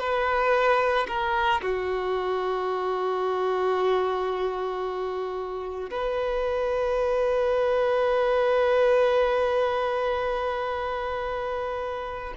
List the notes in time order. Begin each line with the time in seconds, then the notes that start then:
0.00 B4
1.08 A#4
1.62 F#4
5.91 B4